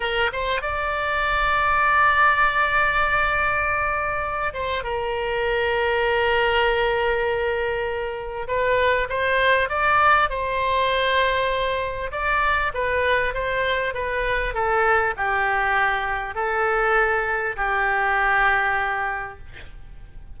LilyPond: \new Staff \with { instrumentName = "oboe" } { \time 4/4 \tempo 4 = 99 ais'8 c''8 d''2.~ | d''2.~ d''8 c''8 | ais'1~ | ais'2 b'4 c''4 |
d''4 c''2. | d''4 b'4 c''4 b'4 | a'4 g'2 a'4~ | a'4 g'2. | }